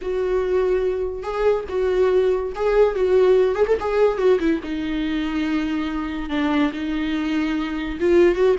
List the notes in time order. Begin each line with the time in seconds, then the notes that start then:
0.01 F#4
1.22 G#4
1.68 F#4
2.55 G#4
2.95 F#4
3.55 G#4
3.67 A4
3.80 G#4
4.17 F#4
4.39 E4
4.63 D#4
6.29 D4
6.72 D#4
7.99 F4
8.35 F#4